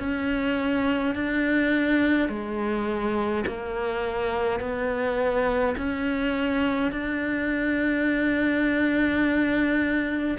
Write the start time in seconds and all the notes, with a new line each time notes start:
0.00 C#4
1.15 D4
2.29 G#3
3.47 A#3
4.60 B3
5.77 C#4
6.92 D4